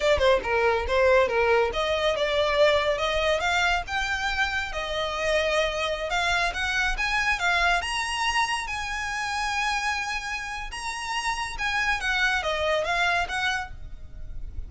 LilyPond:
\new Staff \with { instrumentName = "violin" } { \time 4/4 \tempo 4 = 140 d''8 c''8 ais'4 c''4 ais'4 | dis''4 d''2 dis''4 | f''4 g''2 dis''4~ | dis''2~ dis''16 f''4 fis''8.~ |
fis''16 gis''4 f''4 ais''4.~ ais''16~ | ais''16 gis''2.~ gis''8.~ | gis''4 ais''2 gis''4 | fis''4 dis''4 f''4 fis''4 | }